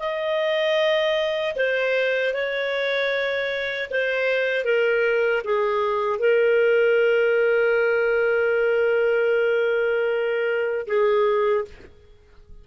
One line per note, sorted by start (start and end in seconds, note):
0.00 1.56 D#5
1.57 2.34 C5
2.34 3.90 C#5
3.91 4.65 C5
4.65 5.43 A#4
5.44 6.20 G#4
6.20 10.87 A#4
10.88 11.65 G#4